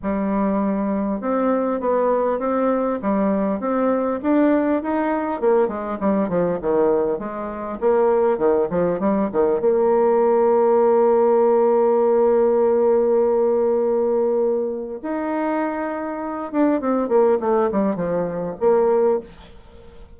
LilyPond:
\new Staff \with { instrumentName = "bassoon" } { \time 4/4 \tempo 4 = 100 g2 c'4 b4 | c'4 g4 c'4 d'4 | dis'4 ais8 gis8 g8 f8 dis4 | gis4 ais4 dis8 f8 g8 dis8 |
ais1~ | ais1~ | ais4 dis'2~ dis'8 d'8 | c'8 ais8 a8 g8 f4 ais4 | }